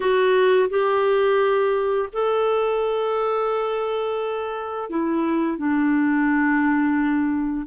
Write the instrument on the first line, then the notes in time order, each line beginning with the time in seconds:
clarinet
0.00 F#4
0.69 G4
2.12 A4
4.89 E4
5.57 D4